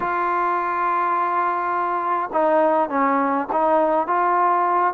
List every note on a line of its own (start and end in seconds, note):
0.00 2.30 F4
2.32 2.89 D#4
2.89 3.47 C#4
3.52 4.07 D#4
4.07 4.94 F4